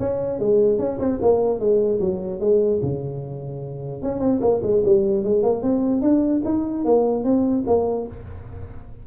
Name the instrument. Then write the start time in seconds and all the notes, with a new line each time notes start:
tuba
0.00 C#4
0.40 G#3
0.79 C#4
1.00 C4
1.22 A#3
1.60 G#3
2.00 F#3
2.40 G#3
2.83 C#3
4.02 C#4
4.20 C4
4.41 A#3
4.63 G#3
4.85 G3
5.24 G#3
5.43 A#3
5.63 C4
6.02 D4
6.45 D#4
6.85 A#3
7.24 C4
7.67 A#3